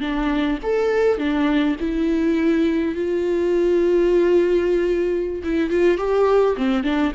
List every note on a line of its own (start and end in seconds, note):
0.00 0.58 D4
0.63 1.18 A4
1.18 1.76 D4
1.80 2.95 E4
2.95 5.43 F4
5.43 5.70 E4
5.70 5.98 F4
5.98 6.56 G4
6.57 6.83 C4
6.83 7.12 D4